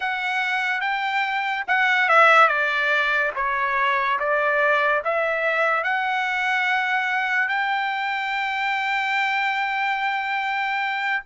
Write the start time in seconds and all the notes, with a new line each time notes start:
0.00 F#5
0.81 G5
1.67 F#5
2.08 E5
2.48 D5
3.35 C#5
4.19 D5
5.04 E5
5.83 F#5
7.48 G5